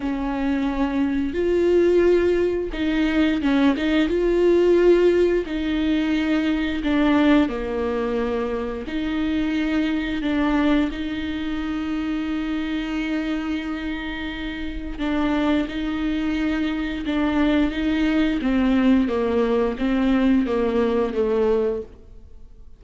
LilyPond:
\new Staff \with { instrumentName = "viola" } { \time 4/4 \tempo 4 = 88 cis'2 f'2 | dis'4 cis'8 dis'8 f'2 | dis'2 d'4 ais4~ | ais4 dis'2 d'4 |
dis'1~ | dis'2 d'4 dis'4~ | dis'4 d'4 dis'4 c'4 | ais4 c'4 ais4 a4 | }